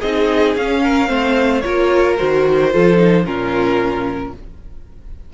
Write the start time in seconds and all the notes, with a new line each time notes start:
0.00 C4 D#4 G#4 D#5
0.56 C#4 F5
0.83 A#4
1.07 A3 C4 C5
1.61 A#3 F4 A#4 C#5
2.17 D#3 F#4 C5
2.71 F3 F4 A4
2.96 D#4
3.25 A#2 C#4 F4 A#4